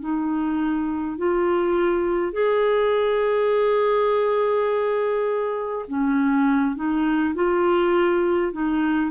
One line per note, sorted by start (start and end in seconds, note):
0.00 1.18 D#4
1.18 2.33 F4
2.33 5.86 G#4
5.88 6.75 C#4
6.75 7.34 D#4
7.35 8.52 F4
8.52 9.11 D#4